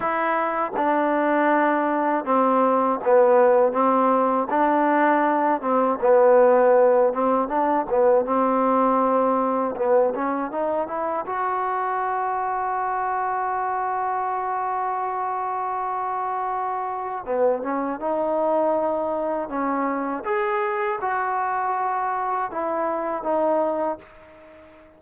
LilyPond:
\new Staff \with { instrumentName = "trombone" } { \time 4/4 \tempo 4 = 80 e'4 d'2 c'4 | b4 c'4 d'4. c'8 | b4. c'8 d'8 b8 c'4~ | c'4 b8 cis'8 dis'8 e'8 fis'4~ |
fis'1~ | fis'2. b8 cis'8 | dis'2 cis'4 gis'4 | fis'2 e'4 dis'4 | }